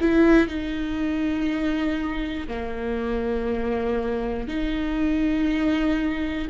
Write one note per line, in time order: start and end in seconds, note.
0.00 0.47 E4
0.47 2.47 D#4
2.47 4.47 A#3
4.47 6.47 D#4